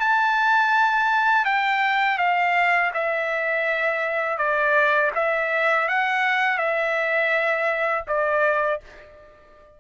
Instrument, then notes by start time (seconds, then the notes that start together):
trumpet
0.00 A5
1.45 G5
2.18 F5
2.94 E5
4.38 D5
5.15 E5
5.88 F#5
6.58 E5
8.07 D5